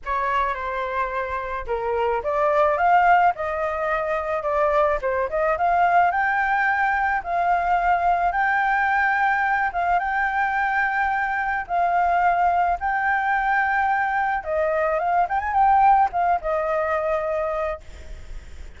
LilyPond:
\new Staff \with { instrumentName = "flute" } { \time 4/4 \tempo 4 = 108 cis''4 c''2 ais'4 | d''4 f''4 dis''2 | d''4 c''8 dis''8 f''4 g''4~ | g''4 f''2 g''4~ |
g''4. f''8 g''2~ | g''4 f''2 g''4~ | g''2 dis''4 f''8 g''16 gis''16 | g''4 f''8 dis''2~ dis''8 | }